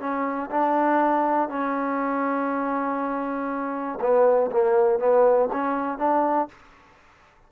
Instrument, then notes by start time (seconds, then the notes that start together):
trombone
0.00 C#4
0.51 D4
1.50 C#4
4.01 B3
4.52 A#3
4.99 B3
5.53 C#4
5.99 D4